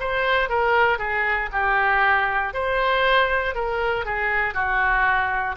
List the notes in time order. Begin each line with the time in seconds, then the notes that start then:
0.00 C5
0.49 A#4
0.98 G#4
1.52 G4
2.54 C5
3.55 A#4
4.05 G#4
4.54 F#4